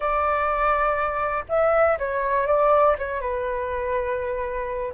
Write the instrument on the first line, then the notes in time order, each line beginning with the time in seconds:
flute
0.00 D5
1.48 E5
1.98 C#5
2.46 D5
2.98 C#5
3.21 B4